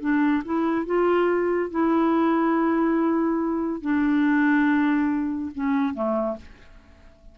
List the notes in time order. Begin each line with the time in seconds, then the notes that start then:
0.00 D4
0.44 E4
0.85 F4
1.70 E4
3.81 D4
5.54 C#4
5.94 A3